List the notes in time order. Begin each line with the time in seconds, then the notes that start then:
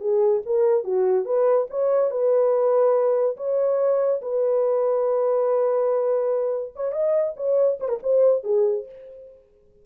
0.00 G#4
0.45 A#4
0.84 F#4
1.25 B4
1.70 C#5
2.11 B4
3.37 C#5
4.21 B4
6.75 C#5
6.92 D#5
7.36 C#5
7.80 C5
7.89 A#4
8.03 C5
8.44 G#4